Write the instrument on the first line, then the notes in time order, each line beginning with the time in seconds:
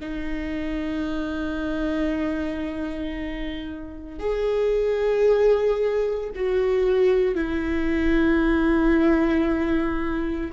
viola
0.00 D#4
4.19 G#4
6.35 F#4
7.35 E4